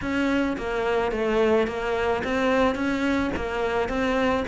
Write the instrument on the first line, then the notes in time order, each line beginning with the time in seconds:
cello
0.01 C#4
0.57 A#3
1.11 A3
1.67 A#3
2.23 C4
2.75 C#4
3.36 A#3
3.88 C4